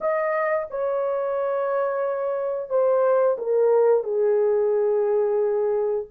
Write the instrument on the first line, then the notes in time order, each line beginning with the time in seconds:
horn
0.00 D#5
0.70 C#5
2.69 C5
3.37 A#4
4.03 G#4